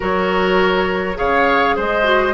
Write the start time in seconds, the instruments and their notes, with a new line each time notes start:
0.00 bassoon F#3, clarinet F#4, oboe A#4, flute C#5
1.14 bassoon C#3, clarinet G#4, oboe C#5, flute F5
1.76 bassoon G#3, oboe C5, flute D#5
2.03 clarinet F#4